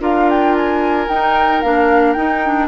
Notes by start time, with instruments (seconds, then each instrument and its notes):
0.00 bassoon D4, clarinet F4, oboe A#4, flute F5
0.29 flute G5
0.56 flute G#5
1.09 bassoon D#4, clarinet D#4, flute G5
1.61 bassoon A#3, clarinet D4, flute F5
2.13 bassoon D#4, clarinet D#4, flute G5
2.44 clarinet D4